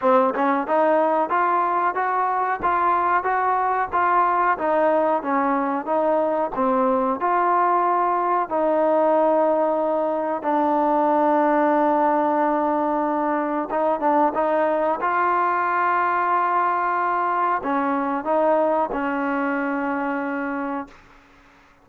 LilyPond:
\new Staff \with { instrumentName = "trombone" } { \time 4/4 \tempo 4 = 92 c'8 cis'8 dis'4 f'4 fis'4 | f'4 fis'4 f'4 dis'4 | cis'4 dis'4 c'4 f'4~ | f'4 dis'2. |
d'1~ | d'4 dis'8 d'8 dis'4 f'4~ | f'2. cis'4 | dis'4 cis'2. | }